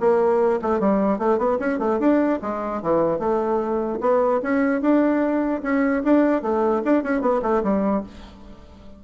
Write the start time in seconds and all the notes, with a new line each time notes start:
0.00 A#3
0.62 A3
0.80 G3
1.19 A3
1.38 B3
1.60 C#4
1.79 A3
1.99 D4
2.42 G#3
2.82 E3
3.19 A3
4.01 B3
4.43 C#4
4.81 D4
5.63 C#4
6.04 D4
6.42 A3
6.85 D4
7.03 C#4
7.21 B3
7.42 A3
7.63 G3